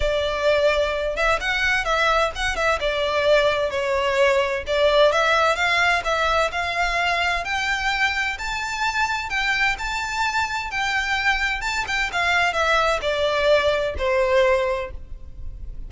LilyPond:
\new Staff \with { instrumentName = "violin" } { \time 4/4 \tempo 4 = 129 d''2~ d''8 e''8 fis''4 | e''4 fis''8 e''8 d''2 | cis''2 d''4 e''4 | f''4 e''4 f''2 |
g''2 a''2 | g''4 a''2 g''4~ | g''4 a''8 g''8 f''4 e''4 | d''2 c''2 | }